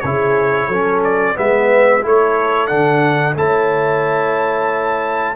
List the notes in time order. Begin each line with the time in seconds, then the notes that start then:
0.00 C#3 E4 G#4 C#5
0.67 F#3 C#4 A4
1.03 D5
1.35 G#3 B3 B4 E5
2.02 A3 E4 A4 C#5
2.67 D3 D4 F#5
3.35 A3 E4 C#5 A5